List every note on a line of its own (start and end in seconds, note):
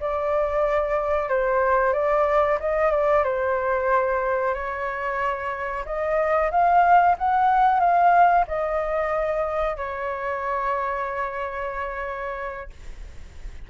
0.00 1.29 D5
1.29 1.93 C5
1.93 2.58 D5
2.60 2.91 D#5
2.91 3.24 D5
3.24 4.54 C5
4.54 5.84 C#5
5.85 6.51 D#5
6.51 7.16 F5
7.18 7.80 F#5
7.80 8.45 F5
8.47 9.76 D#5
9.76 12.70 C#5